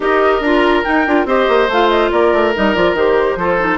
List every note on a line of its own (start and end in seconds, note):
0.00 0.40 D#4
0.00 0.42 G4
0.00 1.27 A#4
0.00 0.43 D#5
0.40 0.82 D4
0.40 0.84 F4
0.40 0.84 A#5
0.84 1.05 D#4
0.84 1.06 D#4
0.84 1.26 G5
1.06 1.25 D4
1.06 1.26 F4
1.25 1.46 C4
1.25 1.69 G4
1.25 2.11 C5
1.25 1.70 D#5
1.48 1.68 A#3
1.68 2.10 A3
1.68 2.54 F4
1.68 1.89 F5
1.89 2.10 D#5
2.11 2.32 A#3
2.11 3.38 A#4
2.11 2.54 D5
2.32 2.54 A3
2.54 2.75 G3
2.54 2.75 D#4
2.54 2.74 D#5
2.74 2.93 F3
2.74 2.96 F4
2.74 2.95 D5
2.93 3.35 D#3
2.93 3.38 G4
2.93 3.77 C5
3.35 3.77 F3
3.35 3.59 F4
3.35 3.77 A4
3.59 3.77 D#4